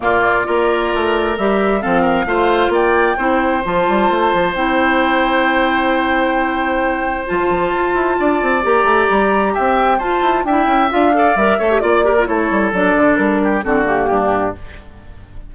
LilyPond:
<<
  \new Staff \with { instrumentName = "flute" } { \time 4/4 \tempo 4 = 132 d''2. e''4 | f''2 g''2 | a''2 g''2~ | g''1 |
a''2. ais''4~ | ais''4 g''4 a''4 g''4 | f''4 e''4 d''4 cis''4 | d''4 ais'4 a'8 g'4. | }
  \new Staff \with { instrumentName = "oboe" } { \time 4/4 f'4 ais'2. | a'8 ais'8 c''4 d''4 c''4~ | c''1~ | c''1~ |
c''2 d''2~ | d''4 e''4 c''4 e''4~ | e''8 d''4 cis''8 d''8 ais'8 a'4~ | a'4. g'8 fis'4 d'4 | }
  \new Staff \with { instrumentName = "clarinet" } { \time 4/4 ais4 f'2 g'4 | c'4 f'2 e'4 | f'2 e'2~ | e'1 |
f'2. g'4~ | g'2 f'4 e'4 | f'8 a'8 ais'8 a'16 g'16 f'8 g'16 f'16 e'4 | d'2 c'8 ais4. | }
  \new Staff \with { instrumentName = "bassoon" } { \time 4/4 ais,4 ais4 a4 g4 | f4 a4 ais4 c'4 | f8 g8 a8 f8 c'2~ | c'1 |
f16 f'16 f8 f'8 e'8 d'8 c'8 ais8 a8 | g4 c'4 f'8 e'8 d'8 cis'8 | d'4 g8 a8 ais4 a8 g8 | fis8 d8 g4 d4 g,4 | }
>>